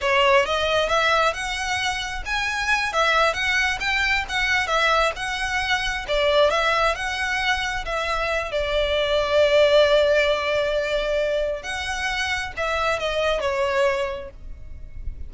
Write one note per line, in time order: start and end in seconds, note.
0.01 0.45 C#5
0.45 0.88 D#5
0.88 1.33 E5
1.33 2.23 F#5
2.25 2.92 G#5
2.92 3.33 E5
3.33 3.78 F#5
3.80 4.24 G5
4.29 4.67 F#5
4.67 5.12 E5
5.16 6.05 F#5
6.08 6.50 D5
6.50 6.95 E5
6.95 7.85 F#5
7.85 8.51 E5
8.51 11.63 D5
11.63 12.52 F#5
12.57 12.99 E5
12.99 13.40 D#5
13.40 14.30 C#5